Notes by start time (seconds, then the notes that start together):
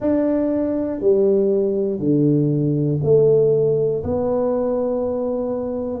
0.00 D4
1.00 G3
1.99 D3
3.03 A3
4.03 B3